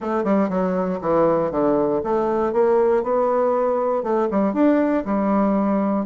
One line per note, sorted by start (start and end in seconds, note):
0.00 0.24 A3
0.24 0.49 G3
0.49 0.99 F#3
1.01 1.51 E3
1.51 2.01 D3
2.03 2.52 A3
2.52 3.03 A#3
3.03 4.03 B3
4.03 4.28 A3
4.30 4.53 G3
4.53 5.04 D4
5.05 6.05 G3